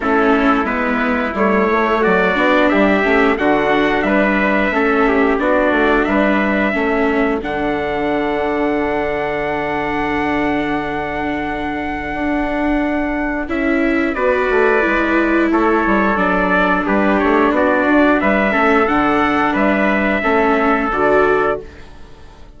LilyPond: <<
  \new Staff \with { instrumentName = "trumpet" } { \time 4/4 \tempo 4 = 89 a'4 b'4 cis''4 d''4 | e''4 fis''4 e''2 | d''4 e''2 fis''4~ | fis''1~ |
fis''1 | e''4 d''2 cis''4 | d''4 b'8 cis''8 d''4 e''4 | fis''4 e''2 d''4 | }
  \new Staff \with { instrumentName = "trumpet" } { \time 4/4 e'2. fis'4 | g'4 fis'4 b'4 a'8 g'8 | fis'4 b'4 a'2~ | a'1~ |
a'1~ | a'4 b'2 a'4~ | a'4 g'4 fis'4 b'8 a'8~ | a'4 b'4 a'2 | }
  \new Staff \with { instrumentName = "viola" } { \time 4/4 cis'4 b4 a4. d'8~ | d'8 cis'8 d'2 cis'4 | d'2 cis'4 d'4~ | d'1~ |
d'1 | e'4 fis'4 e'2 | d'2.~ d'8 cis'8 | d'2 cis'4 fis'4 | }
  \new Staff \with { instrumentName = "bassoon" } { \time 4/4 a4 gis4 g8 a8 fis8 b8 | g8 a8 d4 g4 a4 | b8 a8 g4 a4 d4~ | d1~ |
d2 d'2 | cis'4 b8 a8 gis4 a8 g8 | fis4 g8 a8 b8 d'8 g8 a8 | d4 g4 a4 d4 | }
>>